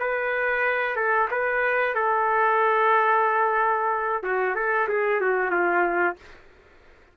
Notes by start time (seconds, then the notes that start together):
0.00 B4
0.96 A4
1.31 B4
1.95 A4
4.24 F#4
4.56 A4
4.89 G#4
5.21 F#4
5.51 F4